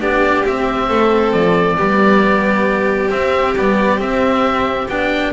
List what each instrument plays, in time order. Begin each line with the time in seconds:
0.00 double bass B3, cello D4, violin G4, oboe D5
0.46 cello C4, double bass C4, oboe E5
0.89 double bass A3, violin A4
1.33 double bass F3, oboe D5
1.77 double bass G3, cello B3, violin G4
3.10 cello C4, double bass C4, oboe E5
3.58 double bass G3, cello B3, oboe D5
3.99 cello C4, double bass C4, oboe E5
4.89 double bass B3, cello D4, oboe G5